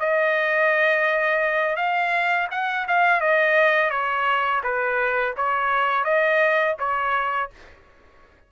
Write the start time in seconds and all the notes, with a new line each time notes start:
0.00 D#5
1.77 F5
2.51 F#5
2.88 F5
3.21 D#5
3.90 C#5
4.64 B4
5.37 C#5
6.04 D#5
6.79 C#5